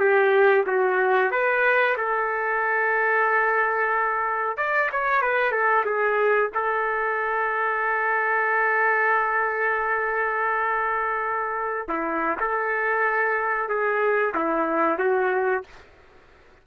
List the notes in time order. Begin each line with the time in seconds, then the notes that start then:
0.00 G4
0.67 F#4
1.32 B4
1.98 A4
4.58 D5
4.93 C#5
5.22 B4
5.52 A4
5.86 G#4
6.55 A4
11.89 E4
12.40 A4
13.69 G#4
14.35 E4
14.99 F#4